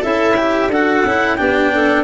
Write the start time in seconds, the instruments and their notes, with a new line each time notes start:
0.00 tuba C#4, clarinet E4 E5, cello A4
0.37 cello G4
0.68 tuba D4, cello F#4, clarinet A4 F#5
1.05 tuba C#4, cello E4
1.36 tuba B3, cello D4, clarinet G4 G5
1.73 clarinet A4